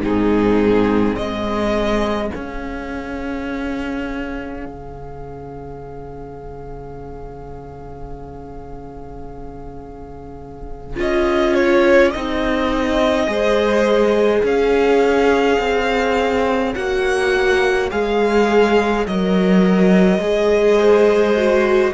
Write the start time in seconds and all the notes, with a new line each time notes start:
0.00 G#2 C4 D#4 G#4
1.15 G#3 G#4 D#5
2.31 C#4 F5
4.66 C#3
10.97 C#4 F4 D#5
11.55 C#5
12.12 C4 D#4 D#5
13.27 G#3 G#4 C5
14.44 C#4 C#5 F5
15.59 C4
16.74 A#3 F#4 F#5
17.91 G#3 G#4 F5
19.07 F#3 A#4 D#5
20.19 G#3 G#4
20.78 C5
21.37 F#4